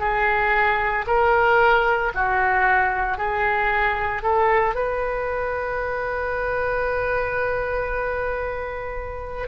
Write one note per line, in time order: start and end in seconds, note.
0.00 1.05 G#4
1.07 2.12 A#4
2.15 3.18 F#4
3.18 4.22 G#4
4.22 4.75 A4
4.75 9.48 B4